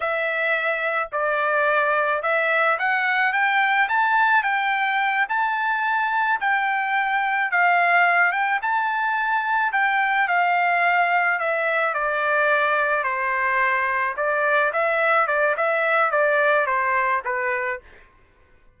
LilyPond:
\new Staff \with { instrumentName = "trumpet" } { \time 4/4 \tempo 4 = 108 e''2 d''2 | e''4 fis''4 g''4 a''4 | g''4. a''2 g''8~ | g''4. f''4. g''8 a''8~ |
a''4. g''4 f''4.~ | f''8 e''4 d''2 c''8~ | c''4. d''4 e''4 d''8 | e''4 d''4 c''4 b'4 | }